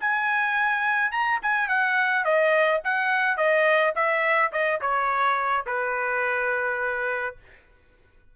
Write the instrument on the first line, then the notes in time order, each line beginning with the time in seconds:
trumpet
0.00 G#5
1.11 A#5
1.42 G#5
1.68 F#5
2.24 D#5
2.84 F#5
3.37 D#5
3.95 E5
4.52 D#5
4.81 C#5
5.66 B4